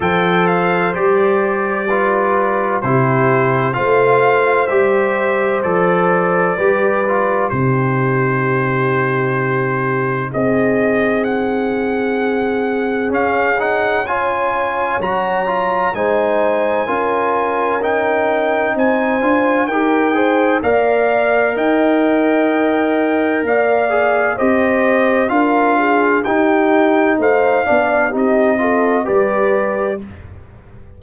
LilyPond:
<<
  \new Staff \with { instrumentName = "trumpet" } { \time 4/4 \tempo 4 = 64 g''8 f''8 d''2 c''4 | f''4 e''4 d''2 | c''2. dis''4 | fis''2 f''8 fis''8 gis''4 |
ais''4 gis''2 g''4 | gis''4 g''4 f''4 g''4~ | g''4 f''4 dis''4 f''4 | g''4 f''4 dis''4 d''4 | }
  \new Staff \with { instrumentName = "horn" } { \time 4/4 c''2 b'4 g'4 | c''2. b'4 | g'2. gis'4~ | gis'2. cis''4~ |
cis''4 c''4 ais'2 | c''4 ais'8 c''8 d''4 dis''4~ | dis''4 d''4 c''4 ais'8 gis'8 | g'4 c''8 d''8 g'8 a'8 b'4 | }
  \new Staff \with { instrumentName = "trombone" } { \time 4/4 a'4 g'4 f'4 e'4 | f'4 g'4 a'4 g'8 f'8 | dis'1~ | dis'2 cis'8 dis'8 f'4 |
fis'8 f'8 dis'4 f'4 dis'4~ | dis'8 f'8 g'8 gis'8 ais'2~ | ais'4. gis'8 g'4 f'4 | dis'4. d'8 dis'8 f'8 g'4 | }
  \new Staff \with { instrumentName = "tuba" } { \time 4/4 f4 g2 c4 | a4 g4 f4 g4 | c2. c'4~ | c'2 cis'2 |
fis4 gis4 cis'2 | c'8 d'8 dis'4 ais4 dis'4~ | dis'4 ais4 c'4 d'4 | dis'4 a8 b8 c'4 g4 | }
>>